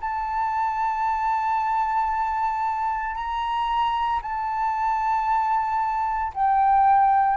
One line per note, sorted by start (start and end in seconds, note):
0.00 3.15 A5
3.15 4.20 A#5
4.22 6.32 A5
6.34 7.37 G5